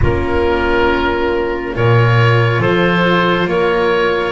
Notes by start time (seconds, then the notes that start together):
0.01 A#3 C#4 F4 A#4
1.74 A#2 F4 A#4 C#5
2.59 F3 A4 C5
3.46 A#3 A#4 C#5